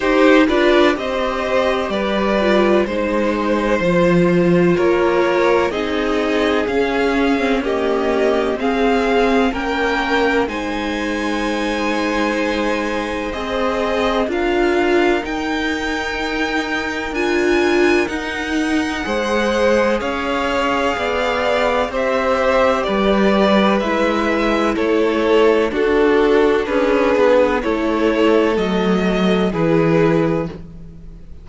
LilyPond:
<<
  \new Staff \with { instrumentName = "violin" } { \time 4/4 \tempo 4 = 63 c''8 d''8 dis''4 d''4 c''4~ | c''4 cis''4 dis''4 f''4 | dis''4 f''4 g''4 gis''4~ | gis''2 dis''4 f''4 |
g''2 gis''4 fis''4~ | fis''4 f''2 e''4 | d''4 e''4 cis''4 a'4 | b'4 cis''4 dis''4 b'4 | }
  \new Staff \with { instrumentName = "violin" } { \time 4/4 g'8 b'8 c''4 b'4 c''4~ | c''4 ais'4 gis'2 | g'4 gis'4 ais'4 c''4~ | c''2. ais'4~ |
ais'1 | c''4 cis''4 d''4 c''4 | b'2 a'4 fis'4 | gis'4 a'2 gis'4 | }
  \new Staff \with { instrumentName = "viola" } { \time 4/4 dis'8 f'8 g'4. f'8 dis'4 | f'2 dis'4 cis'8. c'16 | ais4 c'4 cis'4 dis'4~ | dis'2 gis'4 f'4 |
dis'2 f'4 dis'4 | gis'2. g'4~ | g'4 e'2 d'4~ | d'4 e'4 a4 e'4 | }
  \new Staff \with { instrumentName = "cello" } { \time 4/4 dis'8 d'8 c'4 g4 gis4 | f4 ais4 c'4 cis'4~ | cis'4 c'4 ais4 gis4~ | gis2 c'4 d'4 |
dis'2 d'4 dis'4 | gis4 cis'4 b4 c'4 | g4 gis4 a4 d'4 | cis'8 b8 a4 fis4 e4 | }
>>